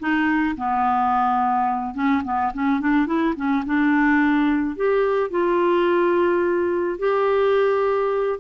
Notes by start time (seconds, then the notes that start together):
0.00 D#4
0.57 B3
1.95 C#4
2.25 B3
2.54 C#4
2.81 D4
3.07 E4
3.36 C#4
3.66 D4
4.76 G4
5.31 F4
6.99 G4